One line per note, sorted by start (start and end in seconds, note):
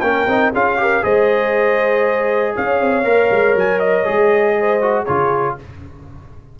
0.00 0.26 A#3
0.00 0.28 C#4
0.00 0.53 A#4
0.00 0.50 G5
0.26 0.51 C4
0.26 0.53 D#4
0.53 1.03 C#4
0.53 0.77 F4
0.53 0.78 G#4
0.53 1.04 F5
0.77 1.02 G4
0.77 1.03 A#4
1.02 2.55 G#3
1.02 3.03 G#4
1.02 2.55 C5
1.02 2.55 D#5
2.56 2.80 C#4
2.56 4.57 C#5
2.56 3.57 F5
2.80 3.04 C4
3.04 3.29 A#3
3.04 4.05 A#4
3.31 3.55 G#3
3.55 4.05 F#3
3.55 3.79 G#5
3.79 5.04 D#5
4.05 5.07 G#3
4.05 4.80 G#4
4.59 5.04 C5
4.81 5.06 F#4
5.04 5.59 C#3
5.04 5.58 F4
5.04 5.54 G#4
5.04 5.55 C#5